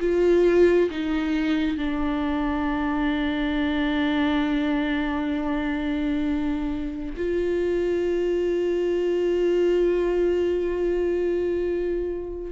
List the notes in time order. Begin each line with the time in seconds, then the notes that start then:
0.00 F4
0.91 D#4
1.77 D4
7.17 F4